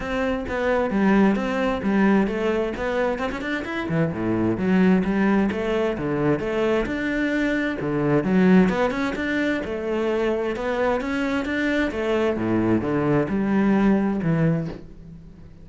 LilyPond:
\new Staff \with { instrumentName = "cello" } { \time 4/4 \tempo 4 = 131 c'4 b4 g4 c'4 | g4 a4 b4 c'16 cis'16 d'8 | e'8 e8 a,4 fis4 g4 | a4 d4 a4 d'4~ |
d'4 d4 fis4 b8 cis'8 | d'4 a2 b4 | cis'4 d'4 a4 a,4 | d4 g2 e4 | }